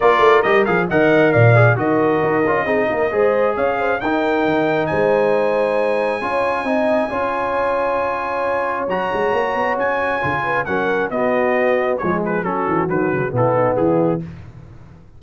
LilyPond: <<
  \new Staff \with { instrumentName = "trumpet" } { \time 4/4 \tempo 4 = 135 d''4 dis''8 f''8 fis''4 f''4 | dis''1 | f''4 g''2 gis''4~ | gis''1~ |
gis''1 | ais''2 gis''2 | fis''4 dis''2 cis''8 b'8 | a'4 b'4 a'4 gis'4 | }
  \new Staff \with { instrumentName = "horn" } { \time 4/4 ais'2 dis''4 d''4 | ais'2 gis'8 ais'8 c''4 | cis''8 c''8 ais'2 c''4~ | c''2 cis''4 dis''4 |
cis''1~ | cis''2.~ cis''8 b'8 | ais'4 fis'2 gis'4 | fis'2 e'8 dis'8 e'4 | }
  \new Staff \with { instrumentName = "trombone" } { \time 4/4 f'4 g'8 gis'8 ais'4. gis'8 | fis'4. f'8 dis'4 gis'4~ | gis'4 dis'2.~ | dis'2 f'4 dis'4 |
f'1 | fis'2. f'4 | cis'4 b2 gis4 | cis'4 fis4 b2 | }
  \new Staff \with { instrumentName = "tuba" } { \time 4/4 ais8 a8 g8 f8 dis4 ais,4 | dis4 dis'8 cis'8 c'8 ais8 gis4 | cis'4 dis'4 dis4 gis4~ | gis2 cis'4 c'4 |
cis'1 | fis8 gis8 ais8 b8 cis'4 cis4 | fis4 b2 f4 | fis8 e8 dis8 cis8 b,4 e4 | }
>>